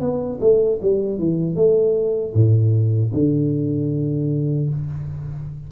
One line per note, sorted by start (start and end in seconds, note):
0.00 0.39 B3
0.40 0.79 A3
0.81 1.18 G3
1.18 1.55 E3
1.55 2.33 A3
2.33 3.11 A2
3.13 4.69 D3